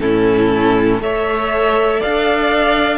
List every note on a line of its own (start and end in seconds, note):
0.00 1.00 A2
0.00 1.01 C#4
0.00 1.00 E4
0.00 1.00 A4
1.00 2.00 A3
1.00 2.98 A4
1.00 2.00 C#5
1.00 2.02 E5
2.00 2.98 D4
2.00 2.98 D5
2.00 2.98 F5